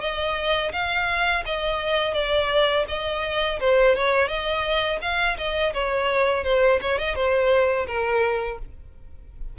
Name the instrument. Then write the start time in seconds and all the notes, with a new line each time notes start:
violin
0.00 D#5
0.72 F5
1.45 D#5
2.14 D5
2.88 D#5
3.60 C5
3.95 C#5
4.28 D#5
5.01 F5
5.37 D#5
5.73 C#5
6.44 C5
6.81 C#5
6.98 D#5
7.15 C5
7.87 A#4